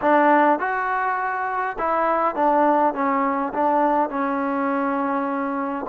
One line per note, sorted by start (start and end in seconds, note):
0.01 0.59 D4
0.59 1.76 F#4
1.78 2.35 E4
2.35 2.94 D4
2.94 3.53 C#4
3.53 4.09 D4
4.09 5.86 C#4